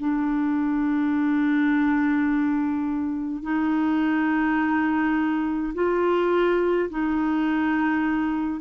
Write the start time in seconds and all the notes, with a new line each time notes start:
0.00 D4
3.43 D#4
5.75 F4
6.90 D#4